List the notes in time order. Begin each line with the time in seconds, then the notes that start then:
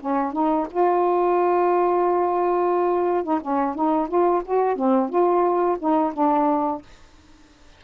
0.00 C#4
0.33 D#4
0.71 F4
3.24 D#4
3.41 C#4
3.75 D#4
4.08 F4
4.45 F#4
4.76 C4
5.10 F4
5.79 D#4
6.14 D4